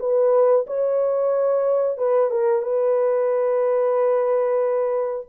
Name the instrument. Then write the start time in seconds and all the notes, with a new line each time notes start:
horn
0.00 B4
0.67 C#5
1.98 B4
2.31 A#4
2.63 B4